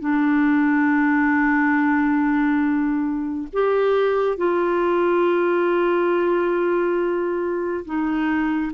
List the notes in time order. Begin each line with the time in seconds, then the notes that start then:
0.00 D4
3.53 G4
4.37 F4
7.85 D#4